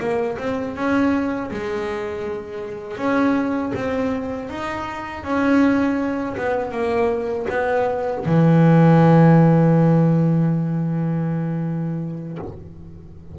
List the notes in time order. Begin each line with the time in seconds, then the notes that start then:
0.00 A#3
0.38 C4
0.76 C#4
1.51 G#3
2.97 C#4
3.75 C4
4.49 D#4
5.24 C#4
6.37 B3
6.72 A#3
7.50 B3
8.26 E3